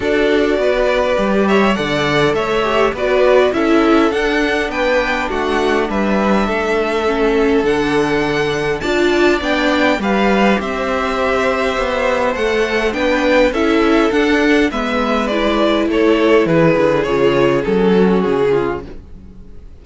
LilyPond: <<
  \new Staff \with { instrumentName = "violin" } { \time 4/4 \tempo 4 = 102 d''2~ d''8 e''8 fis''4 | e''4 d''4 e''4 fis''4 | g''4 fis''4 e''2~ | e''4 fis''2 a''4 |
g''4 f''4 e''2~ | e''4 fis''4 g''4 e''4 | fis''4 e''4 d''4 cis''4 | b'4 cis''4 a'4 gis'4 | }
  \new Staff \with { instrumentName = "violin" } { \time 4/4 a'4 b'4. cis''8 d''4 | cis''4 b'4 a'2 | b'4 fis'4 b'4 a'4~ | a'2. d''4~ |
d''4 b'4 c''2~ | c''2 b'4 a'4~ | a'4 b'2 a'4 | gis'2~ gis'8 fis'4 f'8 | }
  \new Staff \with { instrumentName = "viola" } { \time 4/4 fis'2 g'4 a'4~ | a'8 g'8 fis'4 e'4 d'4~ | d'1 | cis'4 d'2 f'4 |
d'4 g'2.~ | g'4 a'4 d'4 e'4 | d'4 b4 e'2~ | e'4 f'4 cis'2 | }
  \new Staff \with { instrumentName = "cello" } { \time 4/4 d'4 b4 g4 d4 | a4 b4 cis'4 d'4 | b4 a4 g4 a4~ | a4 d2 d'4 |
b4 g4 c'2 | b4 a4 b4 cis'4 | d'4 gis2 a4 | e8 d8 cis4 fis4 cis4 | }
>>